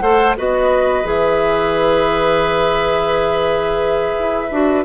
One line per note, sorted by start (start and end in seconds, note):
0.00 0.36 A3
0.00 0.36 A4
0.00 0.37 C5
0.00 0.34 F#5
0.38 1.04 B3
0.38 1.04 F#4
0.38 4.85 B4
0.38 1.08 D#5
1.04 4.15 E3
1.04 4.49 G#4
1.04 4.85 E5
4.20 4.51 E4
4.51 4.85 D4
4.51 4.85 F#4